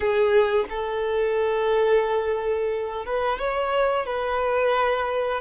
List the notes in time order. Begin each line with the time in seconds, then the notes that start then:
0.00 G#4
0.69 A4
3.05 B4
3.38 C#5
4.06 B4